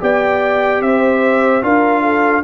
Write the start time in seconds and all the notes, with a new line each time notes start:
0.00 B3 G4 D5 G5
0.81 C4 C5 E5
1.62 D4 F4 A#4 F5
2.01 A4